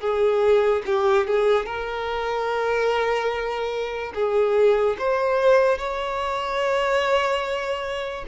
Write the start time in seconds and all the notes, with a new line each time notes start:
0.00 G#4
0.86 G4
1.27 G#4
1.66 A#4
4.14 G#4
4.98 C5
5.78 C#5